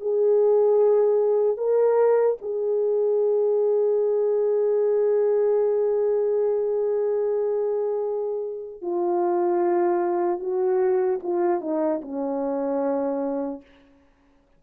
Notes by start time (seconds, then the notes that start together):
0.00 G#4
1.57 A#4
2.41 G#4
8.81 F4
10.39 F#4
11.22 F4
11.60 D#4
12.01 C#4